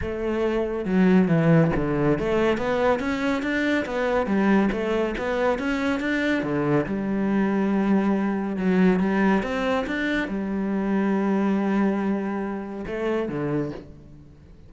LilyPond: \new Staff \with { instrumentName = "cello" } { \time 4/4 \tempo 4 = 140 a2 fis4 e4 | d4 a4 b4 cis'4 | d'4 b4 g4 a4 | b4 cis'4 d'4 d4 |
g1 | fis4 g4 c'4 d'4 | g1~ | g2 a4 d4 | }